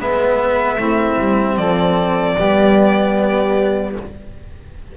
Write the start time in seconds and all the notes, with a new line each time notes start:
0.00 G#3 B3 B4 E5
0.76 A3 C4 E4
1.19 G3
1.57 F3 A4 D5
2.36 G3 B3 G4